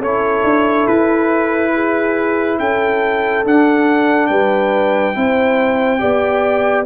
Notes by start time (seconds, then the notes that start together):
0.00 C#4 E4 A4 C#5
0.43 D4
0.87 E4 B4
1.74 G#4
2.59 C#4 A4 G5
3.45 D4 F#5
4.27 G3 B4 G5
5.14 C4 E4 C5
5.99 B3 G4 D5